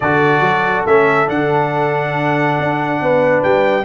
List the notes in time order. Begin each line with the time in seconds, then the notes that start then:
0.00 D3 F#4 A4 D5
0.40 F#3
0.85 A3 C#4 E5
1.26 D3 D4 F#5
2.59 D4
3.00 B3 B4
3.43 G3 G5